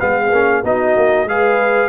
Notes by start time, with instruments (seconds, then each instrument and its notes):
0.00 tuba G#3, trombone B3, horn G#4, trumpet F5
0.31 tuba A#3, trombone C#4
0.64 tuba B3, trombone D#4, horn F#4, trumpet D#5
0.96 tuba A#3
1.24 tuba G#3, trombone G#4, horn B4, trumpet F5